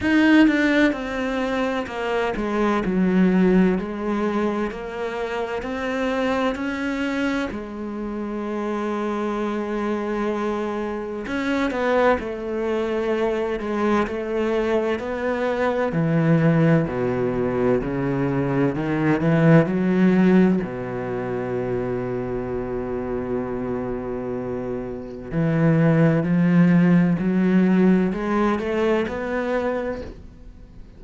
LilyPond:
\new Staff \with { instrumentName = "cello" } { \time 4/4 \tempo 4 = 64 dis'8 d'8 c'4 ais8 gis8 fis4 | gis4 ais4 c'4 cis'4 | gis1 | cis'8 b8 a4. gis8 a4 |
b4 e4 b,4 cis4 | dis8 e8 fis4 b,2~ | b,2. e4 | f4 fis4 gis8 a8 b4 | }